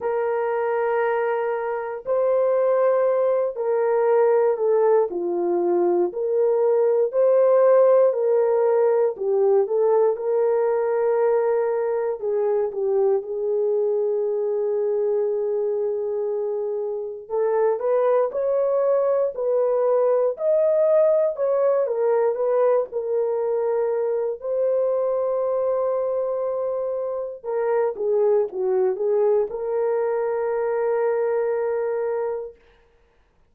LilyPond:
\new Staff \with { instrumentName = "horn" } { \time 4/4 \tempo 4 = 59 ais'2 c''4. ais'8~ | ais'8 a'8 f'4 ais'4 c''4 | ais'4 g'8 a'8 ais'2 | gis'8 g'8 gis'2.~ |
gis'4 a'8 b'8 cis''4 b'4 | dis''4 cis''8 ais'8 b'8 ais'4. | c''2. ais'8 gis'8 | fis'8 gis'8 ais'2. | }